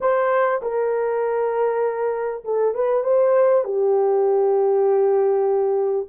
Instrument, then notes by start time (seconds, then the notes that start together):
horn
0.00 C5
0.62 A#4
2.44 A4
2.74 B4
3.03 C5
3.64 G4